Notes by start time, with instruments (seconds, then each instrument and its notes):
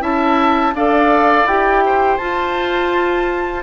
0.00 bassoon C#4, clarinet E4, oboe E5, flute A5
0.73 bassoon D4, clarinet A4, oboe D5, flute F5
1.44 bassoon E4, clarinet G4, flute G5
1.85 oboe C5
2.17 bassoon F4, clarinet F4, flute A5